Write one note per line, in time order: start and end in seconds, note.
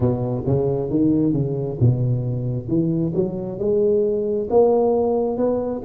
0.00 0.44 B2
0.46 0.90 C#3
0.90 1.32 D#3
1.32 1.77 C#3
1.80 2.67 B2
2.67 3.12 E3
3.15 3.59 F#3
3.59 4.48 G#3
4.49 5.37 A#3
5.37 5.82 B3